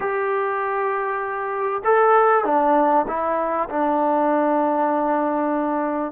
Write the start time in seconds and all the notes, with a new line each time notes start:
0.00 G4
1.84 A4
2.44 D4
3.07 E4
3.69 D4